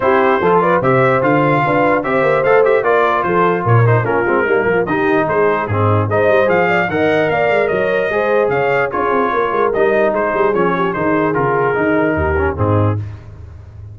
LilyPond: <<
  \new Staff \with { instrumentName = "trumpet" } { \time 4/4 \tempo 4 = 148 c''4. d''8 e''4 f''4~ | f''4 e''4 f''8 e''8 d''4 | c''4 cis''8 c''8 ais'2 | dis''4 c''4 gis'4 dis''4 |
f''4 fis''4 f''4 dis''4~ | dis''4 f''4 cis''2 | dis''4 c''4 cis''4 c''4 | ais'2. gis'4 | }
  \new Staff \with { instrumentName = "horn" } { \time 4/4 g'4 a'8 b'8 c''2 | b'4 c''2 ais'4 | a'4 ais'4 f'4 dis'8 f'8 | g'4 gis'4 dis'4 c''4~ |
c''8 d''8 dis''4 d''4 cis''4 | c''4 cis''4 gis'4 ais'4~ | ais'4 gis'4. g'8 gis'4~ | gis'2 g'4 dis'4 | }
  \new Staff \with { instrumentName = "trombone" } { \time 4/4 e'4 f'4 g'4 f'4~ | f'4 g'4 a'8 g'8 f'4~ | f'4. dis'8 cis'8 c'8 ais4 | dis'2 c'4 dis'4 |
gis'4 ais'2. | gis'2 f'2 | dis'2 cis'4 dis'4 | f'4 dis'4. cis'8 c'4 | }
  \new Staff \with { instrumentName = "tuba" } { \time 4/4 c'4 f4 c4 d4 | d'4 c'8 ais8 a4 ais4 | f4 ais,4 ais8 gis8 g8 f8 | dis4 gis4 gis,4 gis8 g8 |
f4 dis4 ais8 gis8 fis4 | gis4 cis4 cis'8 c'8 ais8 gis8 | g4 gis8 g8 f4 dis4 | cis4 dis4 dis,4 gis,4 | }
>>